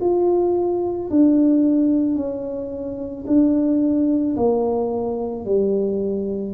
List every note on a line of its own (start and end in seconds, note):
0.00 1.09 F4
1.10 2.15 D4
2.15 3.24 C#4
3.26 4.35 D4
4.36 5.45 A#3
5.45 6.53 G3